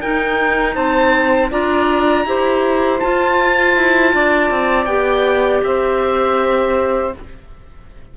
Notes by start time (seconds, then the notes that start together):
0.00 D#4 A#4 G5
0.74 C4 C5 A5
1.49 D4 F4 D5 A#5
2.25 E4 G4 C5
3.00 F4 A5
3.76 E4
4.13 D4 D5
4.50 C4
4.85 B3 G4 G5
5.63 C4 C5 E5